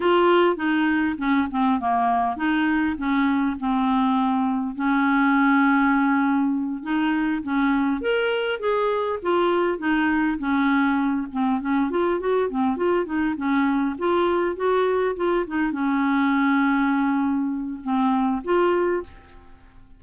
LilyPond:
\new Staff \with { instrumentName = "clarinet" } { \time 4/4 \tempo 4 = 101 f'4 dis'4 cis'8 c'8 ais4 | dis'4 cis'4 c'2 | cis'2.~ cis'8 dis'8~ | dis'8 cis'4 ais'4 gis'4 f'8~ |
f'8 dis'4 cis'4. c'8 cis'8 | f'8 fis'8 c'8 f'8 dis'8 cis'4 f'8~ | f'8 fis'4 f'8 dis'8 cis'4.~ | cis'2 c'4 f'4 | }